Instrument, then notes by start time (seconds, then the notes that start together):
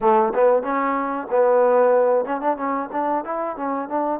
trombone
0.00 A3
0.34 B3
0.62 C#4
1.30 B3
2.25 C#4
2.40 D4
2.57 C#4
2.92 D4
3.24 E4
3.56 C#4
3.88 D4